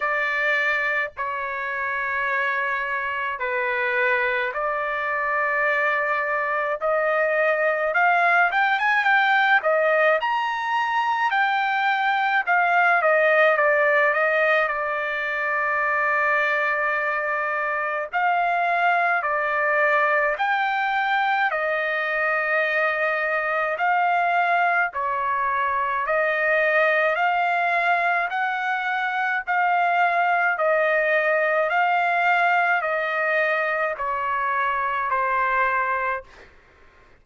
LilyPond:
\new Staff \with { instrumentName = "trumpet" } { \time 4/4 \tempo 4 = 53 d''4 cis''2 b'4 | d''2 dis''4 f''8 g''16 gis''16 | g''8 dis''8 ais''4 g''4 f''8 dis''8 | d''8 dis''8 d''2. |
f''4 d''4 g''4 dis''4~ | dis''4 f''4 cis''4 dis''4 | f''4 fis''4 f''4 dis''4 | f''4 dis''4 cis''4 c''4 | }